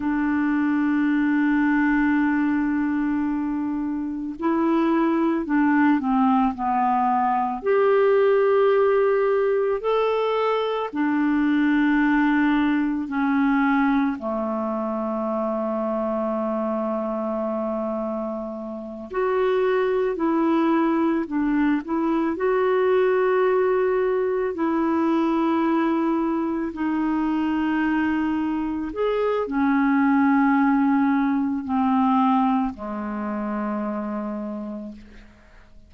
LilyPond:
\new Staff \with { instrumentName = "clarinet" } { \time 4/4 \tempo 4 = 55 d'1 | e'4 d'8 c'8 b4 g'4~ | g'4 a'4 d'2 | cis'4 a2.~ |
a4. fis'4 e'4 d'8 | e'8 fis'2 e'4.~ | e'8 dis'2 gis'8 cis'4~ | cis'4 c'4 gis2 | }